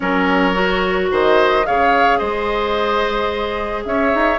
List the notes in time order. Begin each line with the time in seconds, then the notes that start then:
0.00 F#3 C#4 A#4 C#5
0.53 F#4
1.10 D#3 C5 D#5
1.65 C#3 G#4 C#5 F5
2.18 G#3 C5 D#5
3.85 C#4 C#5 E5
4.14 D#4